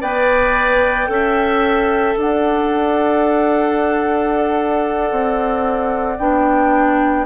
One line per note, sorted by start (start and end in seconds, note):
0.00 1.08 B3
0.00 1.07 B4
0.00 1.08 D5
0.00 2.17 G5
1.07 2.15 C#4
1.07 6.16 A4
1.07 2.19 E5
2.17 5.12 D4
2.17 7.27 D5
2.17 6.19 F#5
5.12 6.19 C4
6.19 7.26 B3
6.19 7.27 D4
6.19 7.26 G5